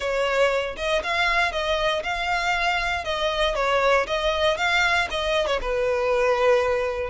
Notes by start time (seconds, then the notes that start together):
0.00 C#5
0.76 D#5
1.03 F5
1.52 D#5
2.03 F5
3.04 D#5
3.55 C#5
4.06 D#5
4.57 F5
5.10 D#5
5.46 C#5
5.61 B4